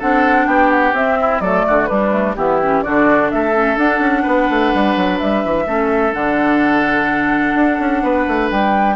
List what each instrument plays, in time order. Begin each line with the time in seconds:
0.00 bassoon C4, clarinet D4, oboe A4, flute F#5
0.47 bassoon B3, oboe G4, flute G5
0.71 flute F#5
0.93 bassoon C4, clarinet C4, flute E5
1.21 oboe E4
1.41 bassoon F#3, clarinet A3, oboe A4, flute D5
1.68 bassoon D3, oboe F#4
1.86 clarinet G3, bassoon G3, oboe D4, flute B4
2.12 clarinet A3
2.36 bassoon E3, clarinet B3, oboe E4, flute G4
2.62 clarinet C#4
2.83 bassoon D3, clarinet D4, oboe F#4, flute D5
3.31 bassoon A3, oboe A4, flute E5
3.54 clarinet C#4
3.77 clarinet D4, bassoon D4, flute F#5
4.00 bassoon C#4
4.23 bassoon B3, oboe B4
4.50 bassoon A3
4.75 bassoon G3
4.97 bassoon F#3
5.19 bassoon G3, flute E5
5.45 bassoon E3
5.67 bassoon A3, clarinet C#4, oboe A4
6.13 bassoon D3, clarinet D4, flute F#5
7.55 bassoon D4
7.80 bassoon C#4
8.03 bassoon B3, oboe B4
8.28 bassoon A3
8.51 bassoon G3, flute G5